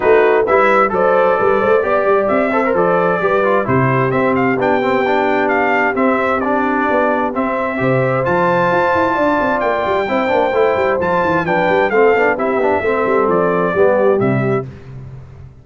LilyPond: <<
  \new Staff \with { instrumentName = "trumpet" } { \time 4/4 \tempo 4 = 131 b'4 e''4 d''2~ | d''4 e''4 d''2 | c''4 e''8 f''8 g''2 | f''4 e''4 d''2 |
e''2 a''2~ | a''4 g''2. | a''4 g''4 f''4 e''4~ | e''4 d''2 e''4 | }
  \new Staff \with { instrumentName = "horn" } { \time 4/4 fis'4 b'4 c''4 b'8 c''8 | d''4. c''4. b'4 | g'1~ | g'1~ |
g'4 c''2. | d''2 c''2~ | c''4 b'4 a'4 g'4 | a'2 g'2 | }
  \new Staff \with { instrumentName = "trombone" } { \time 4/4 dis'4 e'4 a'2 | g'4. a'16 ais'16 a'4 g'8 f'8 | e'4 c'4 d'8 c'8 d'4~ | d'4 c'4 d'2 |
c'4 g'4 f'2~ | f'2 e'8 d'8 e'4 | f'4 d'4 c'8 d'8 e'8 d'8 | c'2 b4 g4 | }
  \new Staff \with { instrumentName = "tuba" } { \time 4/4 a4 g4 fis4 g8 a8 | b8 g8 c'4 f4 g4 | c4 c'4 b2~ | b4 c'2 b4 |
c'4 c4 f4 f'8 e'8 | d'8 c'8 ais8 g8 c'8 ais8 a8 g8 | f8 e8 f8 g8 a8 b8 c'8 b8 | a8 g8 f4 g4 c4 | }
>>